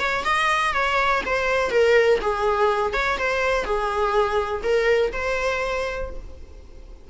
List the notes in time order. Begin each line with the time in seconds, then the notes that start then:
0.00 C#5
0.25 D#5
0.74 C#5
1.26 C5
1.71 A#4
2.21 G#4
2.94 C#5
3.18 C5
3.65 G#4
4.63 A#4
5.13 C5